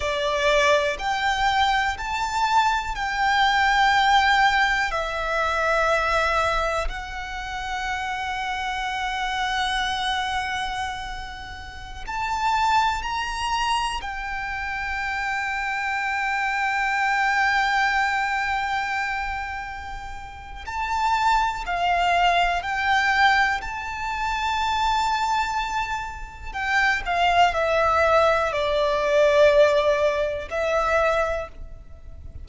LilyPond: \new Staff \with { instrumentName = "violin" } { \time 4/4 \tempo 4 = 61 d''4 g''4 a''4 g''4~ | g''4 e''2 fis''4~ | fis''1~ | fis''16 a''4 ais''4 g''4.~ g''16~ |
g''1~ | g''4 a''4 f''4 g''4 | a''2. g''8 f''8 | e''4 d''2 e''4 | }